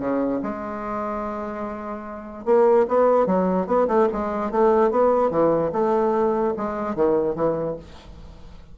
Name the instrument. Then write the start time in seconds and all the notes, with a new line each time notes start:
bassoon
0.00 C#3
0.43 G#3
2.46 A#3
2.88 B3
3.27 F#3
3.67 B3
3.88 A3
4.13 G#3
4.52 A3
4.91 B3
5.31 E3
5.73 A3
6.57 G#3
6.96 D#3
7.36 E3